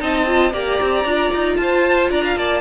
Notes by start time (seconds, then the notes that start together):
0.00 C4 D#4 D#5 A5
0.27 F4
0.53 A#3 G4 D5 A#5
0.82 C4
1.05 D4 F4
1.35 D#4
1.57 F4 C5 A5
2.11 D4 D5 A#5
2.25 F5
2.37 A#3 D5 A5